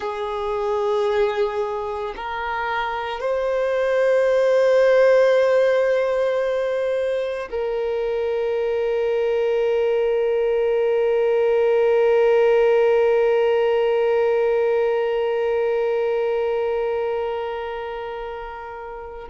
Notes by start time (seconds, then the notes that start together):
0.00 G#4
2.16 A#4
3.20 C5
7.50 A#4